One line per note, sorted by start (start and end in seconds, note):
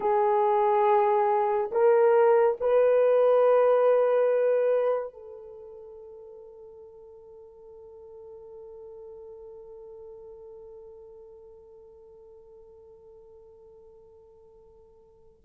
0.00 1.71 G#4
1.71 2.57 A#4
2.60 5.13 B4
5.13 15.41 A4